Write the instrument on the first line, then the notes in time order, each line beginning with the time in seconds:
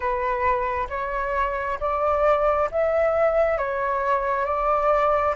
flute
0.00 B4
0.89 C#5
1.80 D5
2.71 E5
3.58 C#5
4.45 D5